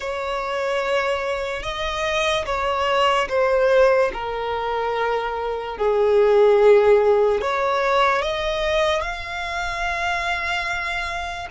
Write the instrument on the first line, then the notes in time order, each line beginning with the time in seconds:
violin
0.00 C#5
1.63 D#5
2.45 C#5
3.29 C5
4.13 A#4
5.77 G#4
7.41 C#5
8.22 D#5
9.01 F5